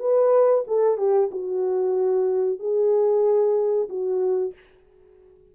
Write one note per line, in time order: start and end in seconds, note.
0.00 0.65 B4
0.67 0.98 A4
0.98 1.30 G4
1.31 2.60 F#4
2.60 3.89 G#4
3.89 4.54 F#4